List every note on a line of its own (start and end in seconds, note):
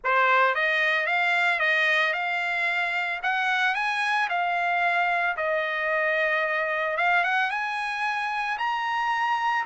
0.04 0.55 C5
0.55 1.06 D#5
1.06 1.59 F5
1.59 2.13 D#5
2.13 3.20 F5
3.23 3.74 F#5
3.74 4.28 G#5
4.29 5.36 F5
5.36 6.97 D#5
6.97 7.24 F5
7.24 7.50 F#5
7.50 8.57 G#5
8.58 9.65 A#5